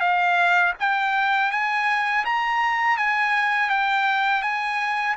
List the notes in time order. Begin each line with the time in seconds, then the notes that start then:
0.00 F5
0.79 G5
1.51 G#5
2.25 A#5
2.97 G#5
3.70 G5
4.42 G#5